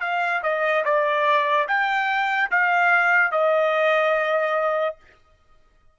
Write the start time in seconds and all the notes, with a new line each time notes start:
0.00 F5
0.43 D#5
0.84 D5
1.67 G5
2.51 F5
3.31 D#5